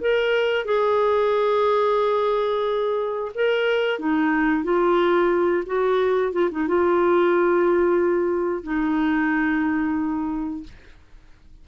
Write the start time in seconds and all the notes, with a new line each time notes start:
0.00 A#4
0.65 G#4
3.35 A#4
3.99 D#4
4.64 F4
5.66 F#4
6.33 F4
6.51 D#4
6.68 F4
8.63 D#4